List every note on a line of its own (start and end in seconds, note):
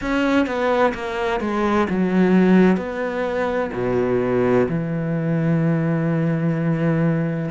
0.01 0.46 C#4
0.46 0.93 B3
0.94 1.40 A#3
1.40 1.87 G#3
1.89 2.77 F#3
2.77 3.70 B3
3.73 4.67 B2
4.68 7.50 E3